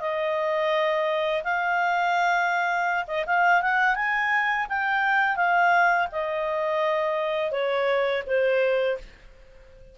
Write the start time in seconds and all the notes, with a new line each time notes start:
0.00 D#5
1.44 F5
3.07 D#5
3.26 F5
3.62 F#5
3.95 G#5
4.69 G5
5.36 F5
6.12 D#5
7.52 C#5
8.27 C5